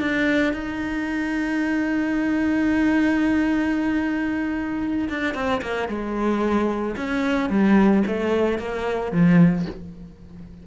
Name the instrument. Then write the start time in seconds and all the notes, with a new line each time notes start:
cello
0.00 D4
0.53 D#4
5.09 D4
5.34 C4
5.62 A#3
5.89 G#3
6.96 C#4
7.50 G3
8.07 A3
8.59 A#3
9.12 F3